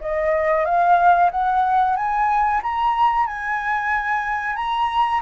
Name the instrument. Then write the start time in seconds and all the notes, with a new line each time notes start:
flute
0.00 D#5
0.65 F5
1.30 F#5
1.96 G#5
2.62 A#5
3.26 G#5
4.56 A#5